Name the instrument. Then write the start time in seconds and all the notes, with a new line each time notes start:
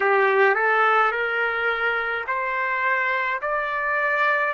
trumpet
0.00 G4
0.55 A4
1.11 A#4
2.26 C5
3.41 D5